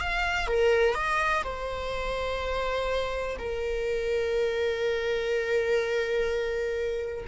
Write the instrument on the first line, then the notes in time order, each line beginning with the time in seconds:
viola
0.00 F5
0.47 A#4
0.94 D#5
1.43 C5
3.38 A#4